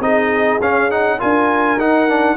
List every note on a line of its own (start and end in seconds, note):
0.00 0.59 C4
0.00 0.61 D#4
0.00 1.19 G#4
0.00 0.61 D#5
0.61 1.20 C#4
0.61 0.91 C#4
0.61 0.91 F5
0.91 1.19 D#4
0.91 1.20 F#5
1.19 1.78 D4
1.19 1.78 F4
1.19 2.36 A#4
1.19 1.80 G#5
1.78 2.37 D#4
1.78 2.09 D#4
1.78 2.37 F#5
2.09 2.37 D4